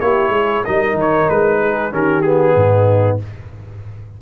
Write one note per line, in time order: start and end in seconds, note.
0.00 0.29 A#3
0.00 0.64 E4
0.00 0.31 G4
0.00 0.64 C#5
0.29 0.61 G#3
0.29 0.63 G#4
0.63 0.93 G3
0.63 1.91 D#4
0.63 1.59 A#4
0.63 0.96 D#5
0.93 1.25 D#3
1.00 1.29 C#5
1.29 1.92 G#3
1.29 1.92 B4
1.60 1.92 G#4
1.91 2.55 D#3
1.91 2.23 C#4
1.91 2.56 G4
1.91 2.21 A#4
2.21 3.19 B3
2.21 3.17 G#4
2.55 3.19 G#2
2.55 3.21 D#4